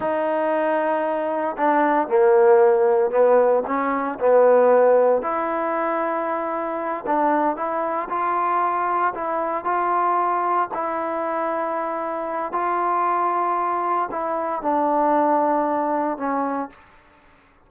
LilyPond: \new Staff \with { instrumentName = "trombone" } { \time 4/4 \tempo 4 = 115 dis'2. d'4 | ais2 b4 cis'4 | b2 e'2~ | e'4. d'4 e'4 f'8~ |
f'4. e'4 f'4.~ | f'8 e'2.~ e'8 | f'2. e'4 | d'2. cis'4 | }